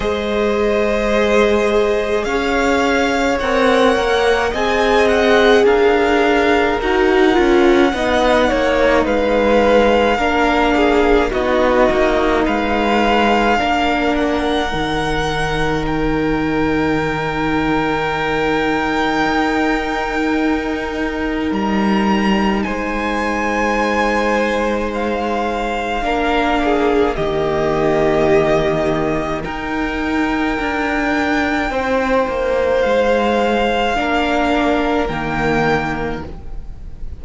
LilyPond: <<
  \new Staff \with { instrumentName = "violin" } { \time 4/4 \tempo 4 = 53 dis''2 f''4 fis''4 | gis''8 fis''8 f''4 fis''2 | f''2 dis''4 f''4~ | f''8 fis''4. g''2~ |
g''2. ais''4 | gis''2 f''2 | dis''2 g''2~ | g''4 f''2 g''4 | }
  \new Staff \with { instrumentName = "violin" } { \time 4/4 c''2 cis''2 | dis''4 ais'2 dis''8 cis''8 | b'4 ais'8 gis'8 fis'4 b'4 | ais'1~ |
ais'1 | c''2. ais'8 gis'8 | g'2 ais'2 | c''2 ais'2 | }
  \new Staff \with { instrumentName = "viola" } { \time 4/4 gis'2. ais'4 | gis'2 fis'8 f'8 dis'4~ | dis'4 d'4 dis'2 | d'4 dis'2.~ |
dis'1~ | dis'2. d'4 | ais2 dis'2~ | dis'2 d'4 ais4 | }
  \new Staff \with { instrumentName = "cello" } { \time 4/4 gis2 cis'4 c'8 ais8 | c'4 d'4 dis'8 cis'8 b8 ais8 | gis4 ais4 b8 ais8 gis4 | ais4 dis2.~ |
dis4 dis'2 g4 | gis2. ais4 | dis2 dis'4 d'4 | c'8 ais8 gis4 ais4 dis4 | }
>>